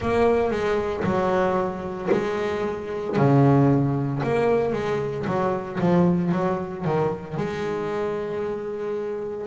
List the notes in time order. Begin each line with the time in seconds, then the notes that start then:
0.00 A#3
0.51 G#3
1.03 F#3
2.11 G#3
3.16 C#3
4.23 A#3
4.73 G#3
5.26 F#3
5.80 F3
6.32 F#3
6.84 D#3
7.37 G#3